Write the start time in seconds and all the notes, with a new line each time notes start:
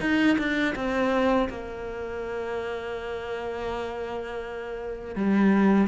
0.00 D#4
0.38 D4
0.75 C4
1.49 A#3
5.16 G3